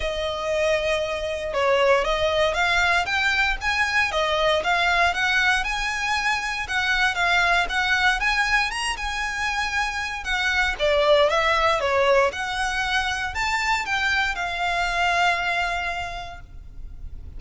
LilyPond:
\new Staff \with { instrumentName = "violin" } { \time 4/4 \tempo 4 = 117 dis''2. cis''4 | dis''4 f''4 g''4 gis''4 | dis''4 f''4 fis''4 gis''4~ | gis''4 fis''4 f''4 fis''4 |
gis''4 ais''8 gis''2~ gis''8 | fis''4 d''4 e''4 cis''4 | fis''2 a''4 g''4 | f''1 | }